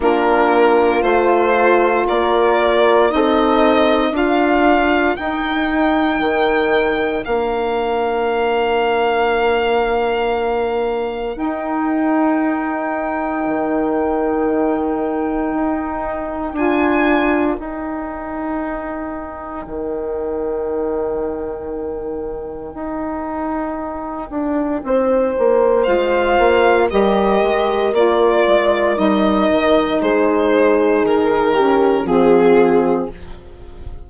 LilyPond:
<<
  \new Staff \with { instrumentName = "violin" } { \time 4/4 \tempo 4 = 58 ais'4 c''4 d''4 dis''4 | f''4 g''2 f''4~ | f''2. g''4~ | g''1 |
gis''4 g''2.~ | g''1~ | g''4 f''4 dis''4 d''4 | dis''4 c''4 ais'4 gis'4 | }
  \new Staff \with { instrumentName = "horn" } { \time 4/4 f'2 ais'4 a'4 | ais'1~ | ais'1~ | ais'1~ |
ais'1~ | ais'1 | c''2 ais'2~ | ais'4 gis'4. g'8 f'4 | }
  \new Staff \with { instrumentName = "saxophone" } { \time 4/4 d'4 f'2 dis'4 | f'4 dis'2 d'4~ | d'2. dis'4~ | dis'1 |
f'4 dis'2.~ | dis'1~ | dis'4 f'4 g'4 f'4 | dis'2~ dis'8 cis'8 c'4 | }
  \new Staff \with { instrumentName = "bassoon" } { \time 4/4 ais4 a4 ais4 c'4 | d'4 dis'4 dis4 ais4~ | ais2. dis'4~ | dis'4 dis2 dis'4 |
d'4 dis'2 dis4~ | dis2 dis'4. d'8 | c'8 ais8 gis8 ais8 g8 gis8 ais8 gis8 | g8 dis8 gis4 dis4 f4 | }
>>